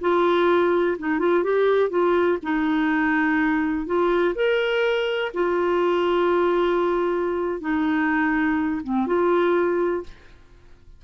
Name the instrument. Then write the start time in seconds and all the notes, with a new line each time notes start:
clarinet
0.00 F4
0.98 D#4
1.19 F4
1.43 G4
1.90 F4
2.42 D#4
3.86 F4
4.34 A#4
5.34 F4
7.60 D#4
8.83 C4
9.06 F4